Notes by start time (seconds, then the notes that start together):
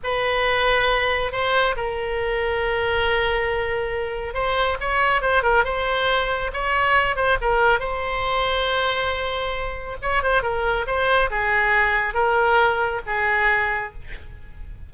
0.03 B4
1.31 C5
1.76 A#4
4.33 C5
4.80 C#5
5.21 C5
5.42 A#4
5.64 C5
6.53 C#5
7.15 C5
7.41 A#4
7.79 C5
10.02 C#5
10.22 C5
10.42 A#4
10.86 C5
11.30 G#4
12.14 A#4
13.06 G#4